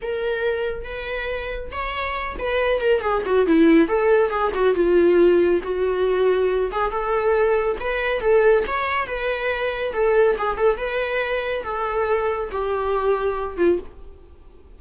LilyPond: \new Staff \with { instrumentName = "viola" } { \time 4/4 \tempo 4 = 139 ais'2 b'2 | cis''4. b'4 ais'8 gis'8 fis'8 | e'4 a'4 gis'8 fis'8 f'4~ | f'4 fis'2~ fis'8 gis'8 |
a'2 b'4 a'4 | cis''4 b'2 a'4 | gis'8 a'8 b'2 a'4~ | a'4 g'2~ g'8 f'8 | }